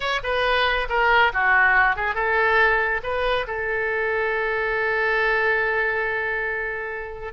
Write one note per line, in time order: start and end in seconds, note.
0.00 0.20 C#5
0.23 0.88 B4
0.89 1.32 A#4
1.33 1.96 F#4
1.96 2.14 G#4
2.14 3.01 A4
3.03 3.46 B4
3.47 7.33 A4